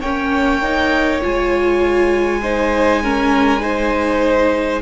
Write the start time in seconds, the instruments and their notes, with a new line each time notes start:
0.00 cello A#3, viola C#4, violin C#5 G5
0.62 viola D#4
1.21 cello G#3, viola F4, violin G#5
2.42 viola D#4, violin C5
3.03 viola C#4, violin A#4
3.60 viola D#4, violin C5